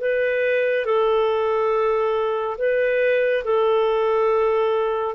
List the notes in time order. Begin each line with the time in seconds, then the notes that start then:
0.00 B4
0.85 A4
2.58 B4
3.44 A4